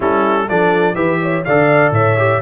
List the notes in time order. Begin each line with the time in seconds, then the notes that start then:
0.00 G3 C#4 E4 A4
0.48 F3 D4 A4 D5
0.95 E3 G4 B4 E5
1.22 C#5
1.44 D3 A4 D5 F5
1.91 A2 C#5 E5
2.17 G4